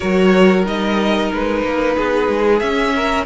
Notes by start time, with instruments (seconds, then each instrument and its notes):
0.00 cello F#3, viola F#4, violin A#4 C#5
0.65 cello G3, viola D#4, violin D#5
1.32 cello G#3, violin B4
1.63 cello A#3
1.96 cello B3, violin G#4
2.28 cello G#3
2.59 cello C#4, viola C#4, violin E5
2.95 violin A#4